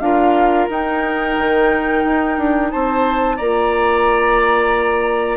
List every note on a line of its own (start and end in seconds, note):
0.00 0.68 D4
0.00 0.70 F4
0.00 2.73 A#4
0.00 0.67 F5
0.70 1.37 D#4
0.70 3.39 D#4
0.70 2.71 G5
1.38 2.05 D#3
2.05 2.38 D#4
2.38 2.72 D4
2.71 3.40 C4
2.71 3.37 C5
2.71 3.37 A5
3.37 5.37 A#3
3.37 5.37 F4
3.37 5.37 D5
3.37 5.37 A#5